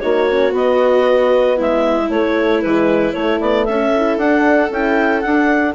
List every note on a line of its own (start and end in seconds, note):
0.00 0.53 A#3
0.00 0.28 D#4
0.00 1.57 F#4
0.00 0.52 C#5
0.30 0.49 C#4
0.49 2.06 B3
0.49 1.57 B3
0.56 1.61 D#5
1.57 2.09 G#3
1.57 3.66 E4
1.57 2.11 E5
2.09 2.62 A3
2.09 2.62 C#5
2.62 3.14 E3
2.62 3.14 G#3
2.62 3.13 B4
3.13 3.92 A3
3.13 3.40 A3
3.13 3.39 C#5
3.40 3.67 B3
3.40 3.65 D5
3.65 4.17 C#4
3.65 5.75 A4
3.65 4.17 E5
3.96 4.20 E4
4.17 4.69 D4
4.17 4.72 D4
4.17 4.71 F#5
4.71 5.23 C#4
4.71 5.23 E4
4.71 5.21 G5
5.21 5.75 D4
5.21 5.73 F#5